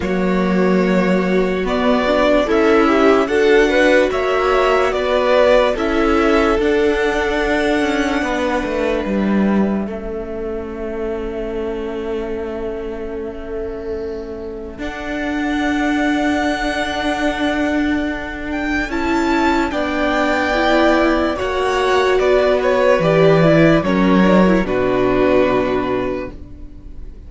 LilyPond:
<<
  \new Staff \with { instrumentName = "violin" } { \time 4/4 \tempo 4 = 73 cis''2 d''4 e''4 | fis''4 e''4 d''4 e''4 | fis''2. e''4~ | e''1~ |
e''2 fis''2~ | fis''2~ fis''8 g''8 a''4 | g''2 fis''4 d''8 cis''8 | d''4 cis''4 b'2 | }
  \new Staff \with { instrumentName = "violin" } { \time 4/4 fis'2. e'4 | a'8 b'8 cis''4 b'4 a'4~ | a'2 b'2 | a'1~ |
a'1~ | a'1 | d''2 cis''4 b'4~ | b'4 ais'4 fis'2 | }
  \new Staff \with { instrumentName = "viola" } { \time 4/4 ais2 b8 d'8 a'8 g'8 | fis'2. e'4 | d'1 | cis'1~ |
cis'2 d'2~ | d'2. e'4 | d'4 e'4 fis'2 | g'8 e'8 cis'8 d'16 e'16 d'2 | }
  \new Staff \with { instrumentName = "cello" } { \time 4/4 fis2 b4 cis'4 | d'4 ais4 b4 cis'4 | d'4. cis'8 b8 a8 g4 | a1~ |
a2 d'2~ | d'2. cis'4 | b2 ais4 b4 | e4 fis4 b,2 | }
>>